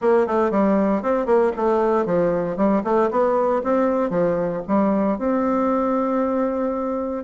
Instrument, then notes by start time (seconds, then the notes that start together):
bassoon
0.01 A#3
0.27 A3
0.50 G3
1.02 C4
1.26 A#3
1.56 A3
2.05 F3
2.56 G3
2.84 A3
3.10 B3
3.63 C4
4.10 F3
4.67 G3
5.18 C4